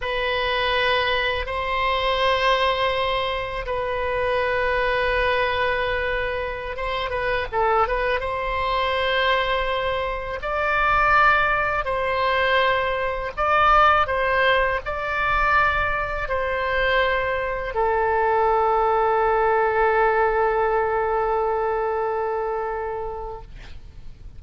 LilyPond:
\new Staff \with { instrumentName = "oboe" } { \time 4/4 \tempo 4 = 82 b'2 c''2~ | c''4 b'2.~ | b'4~ b'16 c''8 b'8 a'8 b'8 c''8.~ | c''2~ c''16 d''4.~ d''16~ |
d''16 c''2 d''4 c''8.~ | c''16 d''2 c''4.~ c''16~ | c''16 a'2.~ a'8.~ | a'1 | }